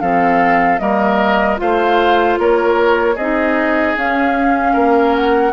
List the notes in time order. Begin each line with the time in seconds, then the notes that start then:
0.00 F3 C4 A4 F5
0.78 G3 A#3 A#4 D#5
1.57 A3 F4 C5 F5
2.38 A#3 A#4 C#5
3.15 C4 G#4 D#5
3.21 D#4
3.96 C#4 F5
4.73 A#3 A#4
5.16 F#5